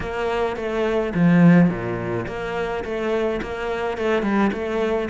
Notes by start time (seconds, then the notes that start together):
0.00 A#3
0.56 A3
1.14 F3
1.69 A#2
2.27 A#3
2.84 A3
3.42 A#3
3.97 A3
4.22 G3
4.52 A3